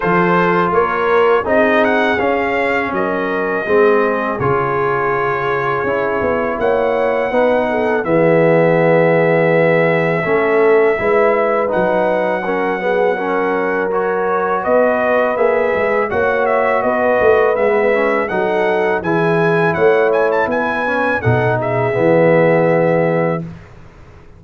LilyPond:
<<
  \new Staff \with { instrumentName = "trumpet" } { \time 4/4 \tempo 4 = 82 c''4 cis''4 dis''8 fis''8 f''4 | dis''2 cis''2~ | cis''4 fis''2 e''4~ | e''1 |
fis''2. cis''4 | dis''4 e''4 fis''8 e''8 dis''4 | e''4 fis''4 gis''4 fis''8 gis''16 a''16 | gis''4 fis''8 e''2~ e''8 | }
  \new Staff \with { instrumentName = "horn" } { \time 4/4 a'4 ais'4 gis'2 | ais'4 gis'2.~ | gis'4 cis''4 b'8 a'8 gis'4~ | gis'2 a'4 b'4~ |
b'4 ais'8 gis'8 ais'2 | b'2 cis''4 b'4~ | b'4 a'4 gis'4 cis''4 | b'4 a'8 gis'2~ gis'8 | }
  \new Staff \with { instrumentName = "trombone" } { \time 4/4 f'2 dis'4 cis'4~ | cis'4 c'4 f'2 | e'2 dis'4 b4~ | b2 cis'4 e'4 |
dis'4 cis'8 b8 cis'4 fis'4~ | fis'4 gis'4 fis'2 | b8 cis'8 dis'4 e'2~ | e'8 cis'8 dis'4 b2 | }
  \new Staff \with { instrumentName = "tuba" } { \time 4/4 f4 ais4 c'4 cis'4 | fis4 gis4 cis2 | cis'8 b8 ais4 b4 e4~ | e2 a4 gis4 |
fis1 | b4 ais8 gis8 ais4 b8 a8 | gis4 fis4 e4 a4 | b4 b,4 e2 | }
>>